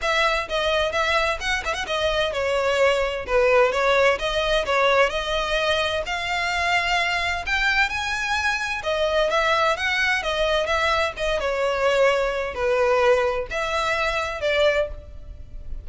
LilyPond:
\new Staff \with { instrumentName = "violin" } { \time 4/4 \tempo 4 = 129 e''4 dis''4 e''4 fis''8 e''16 fis''16 | dis''4 cis''2 b'4 | cis''4 dis''4 cis''4 dis''4~ | dis''4 f''2. |
g''4 gis''2 dis''4 | e''4 fis''4 dis''4 e''4 | dis''8 cis''2~ cis''8 b'4~ | b'4 e''2 d''4 | }